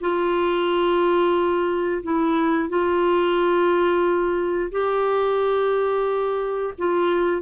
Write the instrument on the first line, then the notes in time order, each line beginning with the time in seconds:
clarinet
0.00 F4
2.03 E4
2.68 F4
4.71 G4
6.78 F4